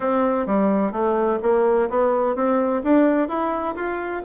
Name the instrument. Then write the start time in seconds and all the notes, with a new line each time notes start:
bassoon
0.00 C4
0.46 G3
0.91 A3
1.42 A#3
1.89 B3
2.35 C4
2.83 D4
3.28 E4
3.75 F4